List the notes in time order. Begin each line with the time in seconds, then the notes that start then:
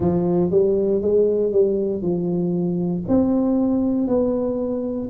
0.00 F3
0.50 G3
1.01 G#3
1.52 G3
2.02 F3
3.07 C4
4.07 B3